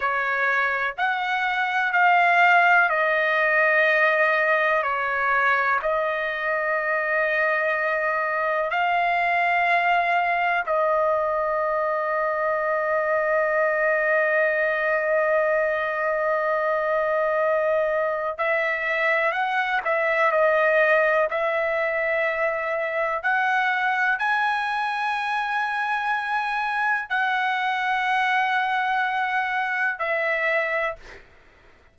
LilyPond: \new Staff \with { instrumentName = "trumpet" } { \time 4/4 \tempo 4 = 62 cis''4 fis''4 f''4 dis''4~ | dis''4 cis''4 dis''2~ | dis''4 f''2 dis''4~ | dis''1~ |
dis''2. e''4 | fis''8 e''8 dis''4 e''2 | fis''4 gis''2. | fis''2. e''4 | }